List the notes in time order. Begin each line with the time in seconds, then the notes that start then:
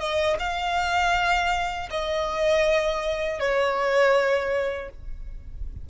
0.00 D#5
0.40 F5
1.91 D#5
3.40 C#5